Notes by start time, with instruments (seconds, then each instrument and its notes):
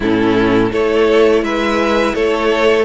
0.00 cello A2, viola C#4, violin E4 A4
0.70 cello A3, viola E4, violin A4 C#5
1.42 cello G#3, violin B4 E5
2.14 cello A3, violin A4 C#5